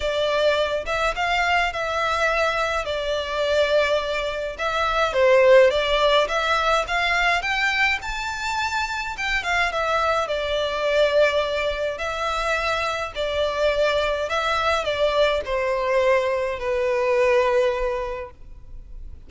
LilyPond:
\new Staff \with { instrumentName = "violin" } { \time 4/4 \tempo 4 = 105 d''4. e''8 f''4 e''4~ | e''4 d''2. | e''4 c''4 d''4 e''4 | f''4 g''4 a''2 |
g''8 f''8 e''4 d''2~ | d''4 e''2 d''4~ | d''4 e''4 d''4 c''4~ | c''4 b'2. | }